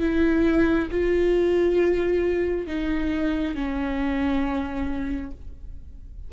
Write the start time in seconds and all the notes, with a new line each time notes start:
0.00 E4
0.91 F4
2.67 D#4
3.55 C#4